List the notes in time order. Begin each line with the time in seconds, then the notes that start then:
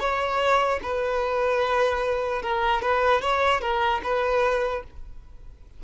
0.00 C#5
0.83 B4
2.42 A#4
2.82 B4
3.21 C#5
3.61 A#4
4.04 B4